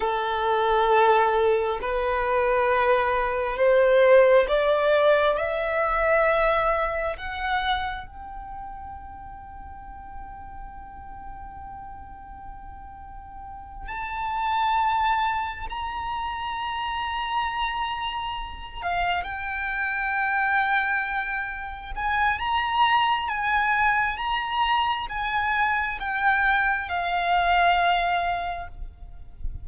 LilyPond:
\new Staff \with { instrumentName = "violin" } { \time 4/4 \tempo 4 = 67 a'2 b'2 | c''4 d''4 e''2 | fis''4 g''2.~ | g''2.~ g''8 a''8~ |
a''4. ais''2~ ais''8~ | ais''4 f''8 g''2~ g''8~ | g''8 gis''8 ais''4 gis''4 ais''4 | gis''4 g''4 f''2 | }